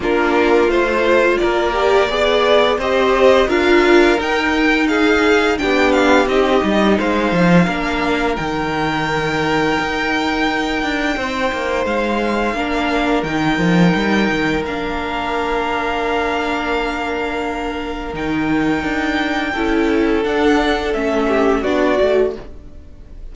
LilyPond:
<<
  \new Staff \with { instrumentName = "violin" } { \time 4/4 \tempo 4 = 86 ais'4 c''4 d''2 | dis''4 f''4 g''4 f''4 | g''8 f''8 dis''4 f''2 | g''1~ |
g''4 f''2 g''4~ | g''4 f''2.~ | f''2 g''2~ | g''4 fis''4 e''4 d''4 | }
  \new Staff \with { instrumentName = "violin" } { \time 4/4 f'2 ais'4 d''4 | c''4 ais'2 gis'4 | g'2 c''4 ais'4~ | ais'1 |
c''2 ais'2~ | ais'1~ | ais'1 | a'2~ a'8 g'8 fis'4 | }
  \new Staff \with { instrumentName = "viola" } { \time 4/4 d'4 f'4. g'8 gis'4 | g'4 f'4 dis'2 | d'4 dis'2 d'4 | dis'1~ |
dis'2 d'4 dis'4~ | dis'4 d'2.~ | d'2 dis'2 | e'4 d'4 cis'4 d'8 fis'8 | }
  \new Staff \with { instrumentName = "cello" } { \time 4/4 ais4 a4 ais4 b4 | c'4 d'4 dis'2 | b4 c'8 g8 gis8 f8 ais4 | dis2 dis'4. d'8 |
c'8 ais8 gis4 ais4 dis8 f8 | g8 dis8 ais2.~ | ais2 dis4 d'4 | cis'4 d'4 a4 b8 a8 | }
>>